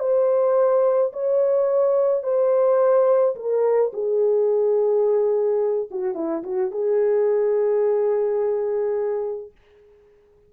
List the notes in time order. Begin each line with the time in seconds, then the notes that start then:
0.00 C5
1.13 C#5
2.23 C5
3.36 A#4
3.93 G#4
5.91 F#4
6.15 E4
6.44 F#4
6.71 G#4